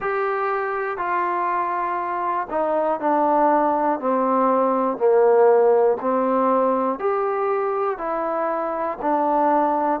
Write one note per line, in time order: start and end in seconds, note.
0.00 0.97 G4
0.97 2.47 F4
2.50 3.00 D#4
3.00 4.00 D4
4.00 4.97 C4
4.97 5.97 A#3
6.00 6.99 C4
6.99 7.98 G4
7.98 8.98 E4
9.01 10.00 D4